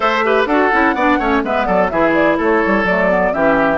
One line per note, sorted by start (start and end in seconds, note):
0.00 0.46 A3
0.00 0.23 A4
0.00 0.24 C5
0.00 0.45 E5
0.23 0.47 G4
0.23 0.47 B4
0.46 0.69 D4
0.46 0.72 F#4
0.46 0.95 A4
0.46 1.41 F#5
0.72 0.94 C#4
0.72 0.95 E4
0.94 1.18 B3
0.94 1.20 D4
0.94 1.18 D5
1.18 1.43 A3
1.18 1.44 C#4
1.18 1.42 C#5
1.43 1.67 G#3
1.43 1.91 B3
1.43 1.66 B4
1.43 1.64 E5
1.64 1.91 F#3
1.64 1.90 A4
1.64 1.88 D5
1.89 2.38 E3
1.89 2.87 E4
1.89 2.37 G#4
1.89 2.12 E5
2.13 2.37 D5
2.37 2.63 A3
2.37 3.32 A4
2.37 2.86 C#5
2.65 2.84 G3
2.84 3.31 F#3
2.84 3.09 A3
2.84 3.33 D5
3.09 3.33 B3
3.33 3.78 E3
3.33 3.78 C#4
3.33 3.78 G4
3.33 3.78 E5